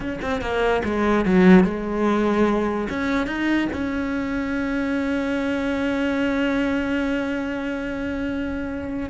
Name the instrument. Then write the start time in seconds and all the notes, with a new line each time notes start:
cello
0.00 C#4
0.21 C4
0.41 A#3
0.84 G#3
1.25 F#3
1.63 G#3
2.89 C#4
3.26 D#4
3.72 C#4